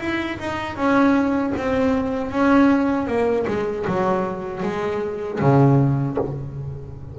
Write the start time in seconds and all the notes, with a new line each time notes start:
0.00 E4
0.40 D#4
0.76 C#4
1.57 C4
2.31 C#4
3.07 A#3
3.47 G#3
3.87 F#3
4.63 G#3
5.40 C#3